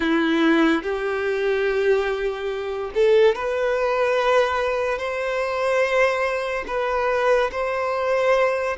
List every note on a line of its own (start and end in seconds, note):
0.00 0.83 E4
0.83 2.91 G4
2.94 3.35 A4
3.35 4.98 B4
4.98 6.64 C5
6.67 7.50 B4
7.51 8.76 C5